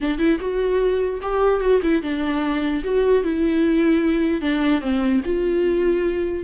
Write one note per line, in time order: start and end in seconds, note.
0.00 0.18 D4
0.18 0.38 E4
0.40 1.20 F#4
1.22 1.60 G4
1.60 1.80 F#4
1.82 2.02 E4
2.02 2.83 D4
2.84 3.23 F#4
3.23 4.41 E4
4.41 4.81 D4
4.81 5.21 C4
5.25 6.44 F4